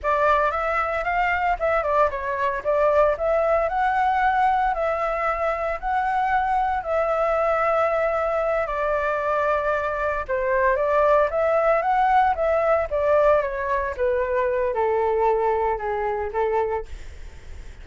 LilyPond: \new Staff \with { instrumentName = "flute" } { \time 4/4 \tempo 4 = 114 d''4 e''4 f''4 e''8 d''8 | cis''4 d''4 e''4 fis''4~ | fis''4 e''2 fis''4~ | fis''4 e''2.~ |
e''8 d''2. c''8~ | c''8 d''4 e''4 fis''4 e''8~ | e''8 d''4 cis''4 b'4. | a'2 gis'4 a'4 | }